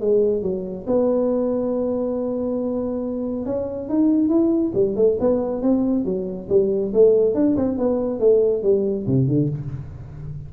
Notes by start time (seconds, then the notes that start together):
0.00 G#3
0.42 F#3
0.86 B3
3.45 C#4
3.88 D#4
4.29 E4
4.74 G3
4.96 A3
5.20 B3
5.62 C4
6.05 F#3
6.49 G3
6.93 A3
7.34 D4
7.56 C4
7.77 B3
8.19 A3
8.63 G3
9.06 C3
9.27 D3